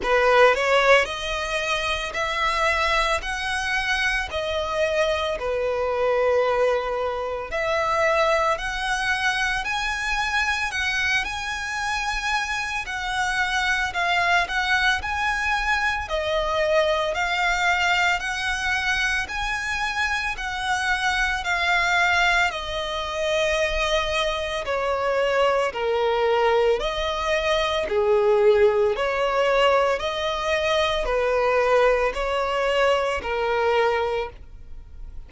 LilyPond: \new Staff \with { instrumentName = "violin" } { \time 4/4 \tempo 4 = 56 b'8 cis''8 dis''4 e''4 fis''4 | dis''4 b'2 e''4 | fis''4 gis''4 fis''8 gis''4. | fis''4 f''8 fis''8 gis''4 dis''4 |
f''4 fis''4 gis''4 fis''4 | f''4 dis''2 cis''4 | ais'4 dis''4 gis'4 cis''4 | dis''4 b'4 cis''4 ais'4 | }